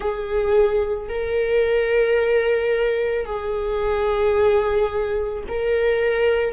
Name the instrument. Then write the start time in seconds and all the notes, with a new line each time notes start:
viola
0.00 G#4
1.09 A#4
3.25 G#4
5.48 A#4